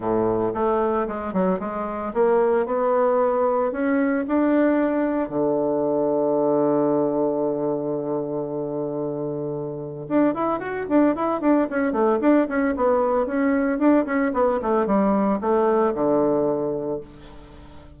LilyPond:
\new Staff \with { instrumentName = "bassoon" } { \time 4/4 \tempo 4 = 113 a,4 a4 gis8 fis8 gis4 | ais4 b2 cis'4 | d'2 d2~ | d1~ |
d2. d'8 e'8 | fis'8 d'8 e'8 d'8 cis'8 a8 d'8 cis'8 | b4 cis'4 d'8 cis'8 b8 a8 | g4 a4 d2 | }